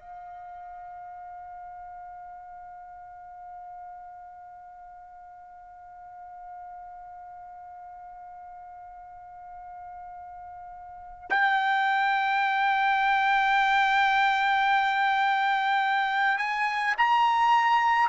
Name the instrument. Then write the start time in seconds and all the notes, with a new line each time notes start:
trumpet
0.00 F5
11.30 G5
16.38 G#5
16.98 A#5